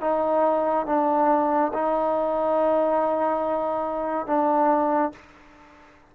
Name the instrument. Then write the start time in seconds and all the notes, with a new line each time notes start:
trombone
0.00 D#4
0.86 D4
1.73 D#4
4.26 D4